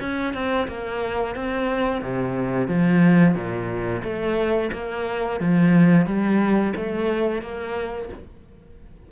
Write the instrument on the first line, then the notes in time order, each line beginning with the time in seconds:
cello
0.00 C#4
0.34 C4
0.68 A#3
1.35 C4
2.02 C3
2.68 F3
3.35 A#2
4.03 A3
4.73 A#3
5.40 F3
6.06 G3
6.76 A3
7.42 A#3